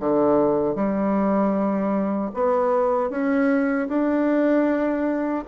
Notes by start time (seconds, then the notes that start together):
0.00 D3
0.76 G3
2.34 B3
3.11 C#4
3.89 D4